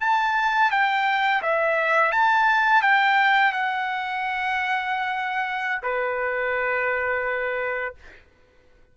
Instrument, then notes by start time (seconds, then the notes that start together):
trumpet
0.00 A5
0.71 G5
1.42 E5
2.12 A5
2.82 G5
3.52 F#5
5.83 B4